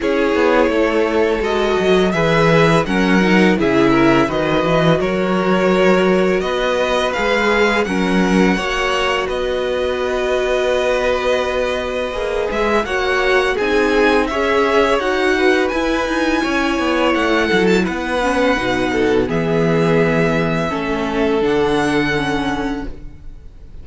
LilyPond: <<
  \new Staff \with { instrumentName = "violin" } { \time 4/4 \tempo 4 = 84 cis''2 dis''4 e''4 | fis''4 e''4 dis''4 cis''4~ | cis''4 dis''4 f''4 fis''4~ | fis''4 dis''2.~ |
dis''4. e''8 fis''4 gis''4 | e''4 fis''4 gis''2 | fis''8. a''16 fis''2 e''4~ | e''2 fis''2 | }
  \new Staff \with { instrumentName = "violin" } { \time 4/4 gis'4 a'2 b'4 | ais'4 gis'8 ais'8 b'4 ais'4~ | ais'4 b'2 ais'4 | cis''4 b'2.~ |
b'2 cis''4 gis'4 | cis''4. b'4. cis''4~ | cis''8 a'8 b'4. a'8 gis'4~ | gis'4 a'2. | }
  \new Staff \with { instrumentName = "viola" } { \time 4/4 e'2 fis'4 gis'4 | cis'8 dis'8 e'4 fis'2~ | fis'2 gis'4 cis'4 | fis'1~ |
fis'4 gis'4 fis'4 dis'4 | gis'4 fis'4 e'2~ | e'4. cis'8 dis'4 b4~ | b4 cis'4 d'4 cis'4 | }
  \new Staff \with { instrumentName = "cello" } { \time 4/4 cis'8 b8 a4 gis8 fis8 e4 | fis4 cis4 dis8 e8 fis4~ | fis4 b4 gis4 fis4 | ais4 b2.~ |
b4 ais8 gis8 ais4 c'4 | cis'4 dis'4 e'8 dis'8 cis'8 b8 | a8 fis8 b4 b,4 e4~ | e4 a4 d2 | }
>>